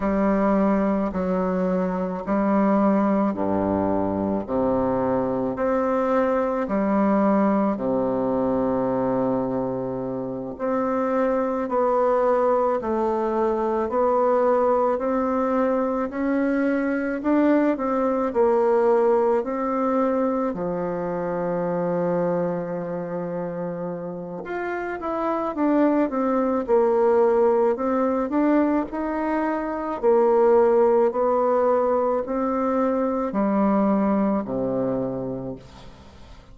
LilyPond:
\new Staff \with { instrumentName = "bassoon" } { \time 4/4 \tempo 4 = 54 g4 fis4 g4 g,4 | c4 c'4 g4 c4~ | c4. c'4 b4 a8~ | a8 b4 c'4 cis'4 d'8 |
c'8 ais4 c'4 f4.~ | f2 f'8 e'8 d'8 c'8 | ais4 c'8 d'8 dis'4 ais4 | b4 c'4 g4 c4 | }